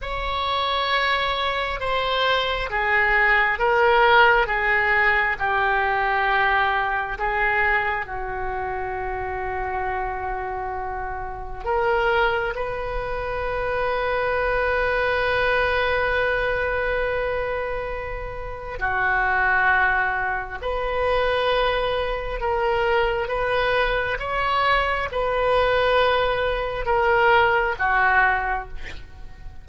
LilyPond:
\new Staff \with { instrumentName = "oboe" } { \time 4/4 \tempo 4 = 67 cis''2 c''4 gis'4 | ais'4 gis'4 g'2 | gis'4 fis'2.~ | fis'4 ais'4 b'2~ |
b'1~ | b'4 fis'2 b'4~ | b'4 ais'4 b'4 cis''4 | b'2 ais'4 fis'4 | }